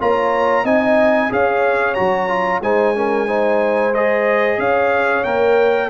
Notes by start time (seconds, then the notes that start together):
0.00 A#3 F4 C#5 A#5
0.64 C4 D#4 D#5 G#5
1.31 C#4 G#4 C#5 F5
1.94 F#3 F#4 A#5
2.29 F4
2.62 G#3 D#4 C5 G#5
2.95 C#4 A#4
3.27 D#4 C5
3.95 G#4 D#5
4.59 C#4 C#5 F5
5.24 A#3 A#4 G5